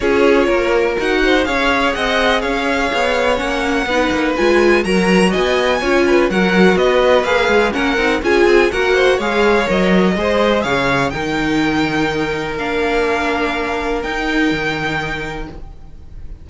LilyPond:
<<
  \new Staff \with { instrumentName = "violin" } { \time 4/4 \tempo 4 = 124 cis''2 fis''4 f''4 | fis''4 f''2 fis''4~ | fis''4 gis''4 ais''4 gis''4~ | gis''4 fis''4 dis''4 f''4 |
fis''4 gis''4 fis''4 f''4 | dis''2 f''4 g''4~ | g''2 f''2~ | f''4 g''2. | }
  \new Staff \with { instrumentName = "violin" } { \time 4/4 gis'4 ais'4. c''8 cis''4 | dis''4 cis''2. | b'2 ais'4 dis''4 | cis''8 b'8 ais'4 b'2 |
ais'4 gis'4 ais'8 c''8 cis''4~ | cis''4 c''4 cis''4 ais'4~ | ais'1~ | ais'1 | }
  \new Staff \with { instrumentName = "viola" } { \time 4/4 f'2 fis'4 gis'4~ | gis'2. cis'4 | dis'4 f'4 fis'2 | f'4 fis'2 gis'4 |
cis'8 dis'8 f'4 fis'4 gis'4 | ais'4 gis'2 dis'4~ | dis'2 d'2~ | d'4 dis'2. | }
  \new Staff \with { instrumentName = "cello" } { \time 4/4 cis'4 ais4 dis'4 cis'4 | c'4 cis'4 b4 ais4 | b8 ais8 gis4 fis4 b4 | cis'4 fis4 b4 ais8 gis8 |
ais8 c'8 cis'8 c'8 ais4 gis4 | fis4 gis4 cis4 dis4~ | dis2 ais2~ | ais4 dis'4 dis2 | }
>>